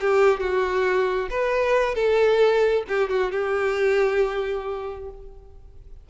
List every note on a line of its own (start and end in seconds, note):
0.00 0.40 G4
0.40 1.29 F#4
1.30 1.94 B4
1.94 2.83 A4
2.87 3.09 G4
3.09 3.31 F#4
3.32 5.09 G4